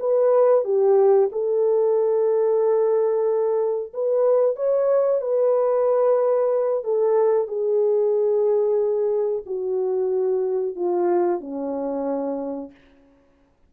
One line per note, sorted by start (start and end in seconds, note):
0.00 0.65 B4
0.65 1.30 G4
1.32 3.93 A4
3.94 4.57 B4
4.57 5.22 C#5
5.22 6.84 B4
6.84 7.48 A4
7.48 9.44 G#4
9.47 10.76 F#4
10.76 11.41 F4
11.41 12.71 C#4